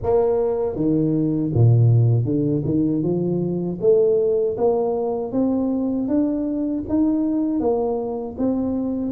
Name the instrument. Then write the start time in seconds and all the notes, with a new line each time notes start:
tuba
0.02 A#3
0.75 D#3
1.53 A#2
2.24 D3
2.64 D#3
3.02 F3
3.80 A3
4.57 A#3
5.32 C4
6.08 D4
6.88 D#4
7.59 A#3
8.38 C4